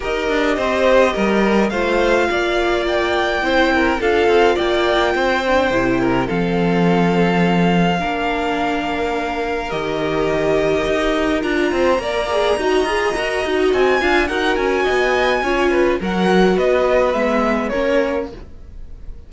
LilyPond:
<<
  \new Staff \with { instrumentName = "violin" } { \time 4/4 \tempo 4 = 105 dis''2. f''4~ | f''4 g''2 f''4 | g''2. f''4~ | f''1~ |
f''4 dis''2. | ais''1 | gis''4 fis''8 gis''2~ gis''8 | fis''4 dis''4 e''4 cis''4 | }
  \new Staff \with { instrumentName = "violin" } { \time 4/4 ais'4 c''4 ais'4 c''4 | d''2 c''8 ais'8 a'4 | d''4 c''4. ais'8 a'4~ | a'2 ais'2~ |
ais'1~ | ais'8 c''8 d''4 dis''2~ | dis''8 f''8 ais'4 dis''4 cis''8 b'8 | ais'4 b'2 ais'4 | }
  \new Staff \with { instrumentName = "viola" } { \time 4/4 g'2. f'4~ | f'2 e'4 f'4~ | f'4. d'8 e'4 c'4~ | c'2 d'2~ |
d'4 g'2. | f'4 ais'8 gis'8 fis'8 gis'8 ais'8 fis'8~ | fis'8 f'8 fis'2 f'4 | fis'2 b4 cis'4 | }
  \new Staff \with { instrumentName = "cello" } { \time 4/4 dis'8 d'8 c'4 g4 a4 | ais2 c'4 d'8 c'8 | ais4 c'4 c4 f4~ | f2 ais2~ |
ais4 dis2 dis'4 | d'8 c'8 ais4 dis'8 f'8 fis'8 dis'8 | c'8 d'8 dis'8 cis'8 b4 cis'4 | fis4 b4 gis4 ais4 | }
>>